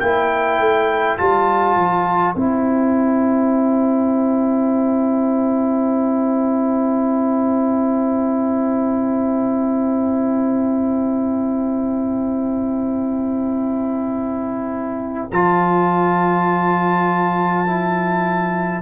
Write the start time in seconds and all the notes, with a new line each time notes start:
0.00 A#3 E4 C5 G5
0.59 A3
1.18 G3 F4 A5
1.76 F3
2.35 C4 E4 G5
15.31 F3 F4 A5
17.67 E4